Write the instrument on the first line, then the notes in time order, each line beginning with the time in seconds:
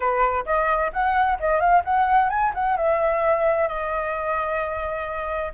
flute
0.00 B4
0.45 D#5
0.92 F#5
1.39 D#5
1.59 F5
1.84 F#5
2.29 G#5
2.54 F#5
2.76 E5
3.67 D#5